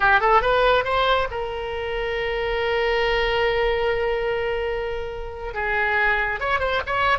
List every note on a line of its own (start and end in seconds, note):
0.00 0.20 G4
0.20 0.41 A4
0.41 0.84 B4
0.84 1.28 C5
1.30 5.54 A#4
5.54 6.40 G#4
6.40 6.59 C#5
6.59 6.81 C5
6.86 7.18 C#5